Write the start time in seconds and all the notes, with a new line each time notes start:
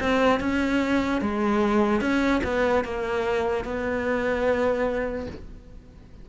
0.00 C4
0.40 C#4
1.21 G#3
2.00 C#4
2.44 B3
2.85 A#3
3.64 B3